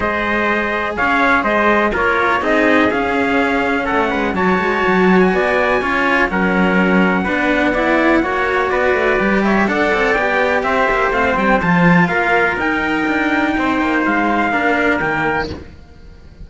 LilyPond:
<<
  \new Staff \with { instrumentName = "trumpet" } { \time 4/4 \tempo 4 = 124 dis''2 f''4 dis''4 | cis''4 dis''4 f''2 | fis''4 a''4.~ a''16 gis''4~ gis''16~ | gis''4 fis''2.~ |
fis''2 d''4. e''8 | fis''4 g''4 e''4 f''8 g''8 | a''4 f''4 g''2~ | g''4 f''2 g''4 | }
  \new Staff \with { instrumentName = "trumpet" } { \time 4/4 c''2 cis''4 c''4 | ais'4 gis'2. | a'8 b'8 cis''2 d''4 | cis''4 ais'2 b'4 |
d''4 cis''4 b'4. cis''8 | d''2 c''2~ | c''4 ais'2. | c''2 ais'2 | }
  \new Staff \with { instrumentName = "cello" } { \time 4/4 gis'1 | f'4 dis'4 cis'2~ | cis'4 fis'2. | f'4 cis'2 d'4 |
e'4 fis'2 g'4 | a'4 g'2 c'4 | f'2 dis'2~ | dis'2 d'4 ais4 | }
  \new Staff \with { instrumentName = "cello" } { \time 4/4 gis2 cis'4 gis4 | ais4 c'4 cis'2 | a8 gis8 fis8 gis8 fis4 b4 | cis'4 fis2 b4~ |
b4 ais4 b8 a8 g4 | d'8 c'8 b4 c'8 ais8 a8 g8 | f4 ais4 dis'4 d'4 | c'8 ais8 gis4 ais4 dis4 | }
>>